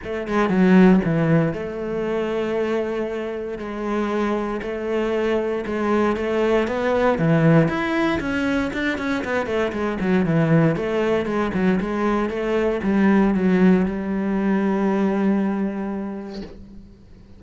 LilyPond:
\new Staff \with { instrumentName = "cello" } { \time 4/4 \tempo 4 = 117 a8 gis8 fis4 e4 a4~ | a2. gis4~ | gis4 a2 gis4 | a4 b4 e4 e'4 |
cis'4 d'8 cis'8 b8 a8 gis8 fis8 | e4 a4 gis8 fis8 gis4 | a4 g4 fis4 g4~ | g1 | }